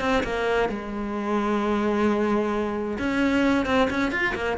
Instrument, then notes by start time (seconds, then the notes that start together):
cello
0.00 C4
0.23 A#3
0.68 G#3
2.99 C#4
3.65 C4
3.90 C#4
4.11 F4
4.35 A#3